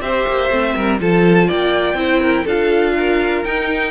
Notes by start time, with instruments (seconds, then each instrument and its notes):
0.00 cello C4, viola G4, violin C5 E5
0.27 cello A#3
0.50 cello A3, viola C4
0.75 cello G3, violin A#4
1.00 cello F3, viola F4, violin A4 A5
1.47 cello A#3, violin D5 G5
1.94 cello C4, viola E4, violin C5
2.21 violin A#4
2.44 cello D4, viola F4, violin A4 F5
2.97 violin A#4
3.44 cello D#4, viola D#4, violin G5